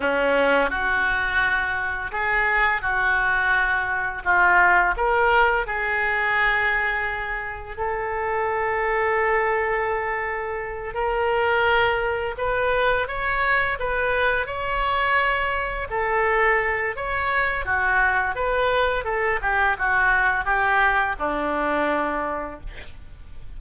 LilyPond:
\new Staff \with { instrumentName = "oboe" } { \time 4/4 \tempo 4 = 85 cis'4 fis'2 gis'4 | fis'2 f'4 ais'4 | gis'2. a'4~ | a'2.~ a'8 ais'8~ |
ais'4. b'4 cis''4 b'8~ | b'8 cis''2 a'4. | cis''4 fis'4 b'4 a'8 g'8 | fis'4 g'4 d'2 | }